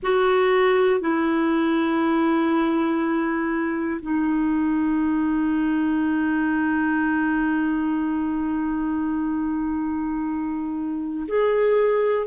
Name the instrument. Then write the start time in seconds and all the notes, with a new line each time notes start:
clarinet
0.03 F#4
1.00 E4
4.01 D#4
11.28 G#4